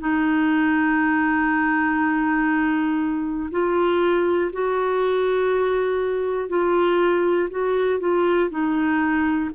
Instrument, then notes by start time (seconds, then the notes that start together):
clarinet
0.00 D#4
3.51 F4
4.52 F#4
6.49 F4
7.50 F#4
8.00 F4
8.50 D#4